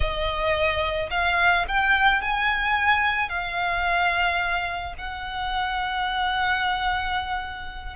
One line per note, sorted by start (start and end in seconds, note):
0.00 1.09 D#5
1.10 1.65 F5
1.67 2.21 G5
2.21 3.29 G#5
3.29 4.94 F5
4.98 7.96 F#5